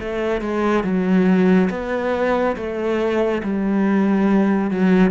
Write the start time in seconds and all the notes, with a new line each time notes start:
0.00 A3
0.42 G#3
0.84 F#3
1.71 B3
2.57 A3
3.44 G3
4.71 F#3